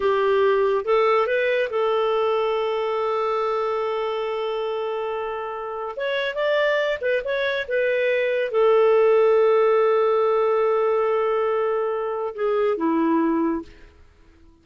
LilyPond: \new Staff \with { instrumentName = "clarinet" } { \time 4/4 \tempo 4 = 141 g'2 a'4 b'4 | a'1~ | a'1~ | a'2 cis''4 d''4~ |
d''8 b'8 cis''4 b'2 | a'1~ | a'1~ | a'4 gis'4 e'2 | }